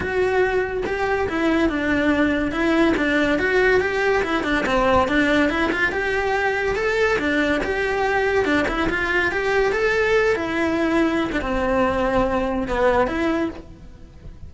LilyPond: \new Staff \with { instrumentName = "cello" } { \time 4/4 \tempo 4 = 142 fis'2 g'4 e'4 | d'2 e'4 d'4 | fis'4 g'4 e'8 d'8 c'4 | d'4 e'8 f'8 g'2 |
a'4 d'4 g'2 | d'8 e'8 f'4 g'4 a'4~ | a'8 e'2~ e'16 d'16 c'4~ | c'2 b4 e'4 | }